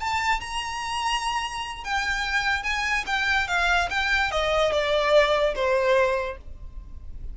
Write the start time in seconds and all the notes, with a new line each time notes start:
0.00 A5
0.40 A#5
1.84 G5
2.63 G#5
3.06 G5
3.48 F5
3.90 G5
4.31 D#5
4.72 D5
5.55 C5